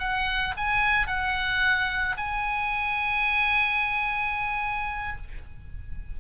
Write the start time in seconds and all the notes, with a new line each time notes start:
0.00 F#5
0.57 G#5
1.08 F#5
2.17 G#5